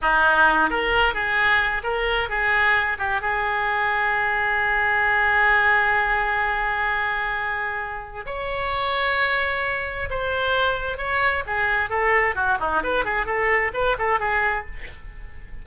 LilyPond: \new Staff \with { instrumentName = "oboe" } { \time 4/4 \tempo 4 = 131 dis'4. ais'4 gis'4. | ais'4 gis'4. g'8 gis'4~ | gis'1~ | gis'1~ |
gis'2 cis''2~ | cis''2 c''2 | cis''4 gis'4 a'4 fis'8 dis'8 | b'8 gis'8 a'4 b'8 a'8 gis'4 | }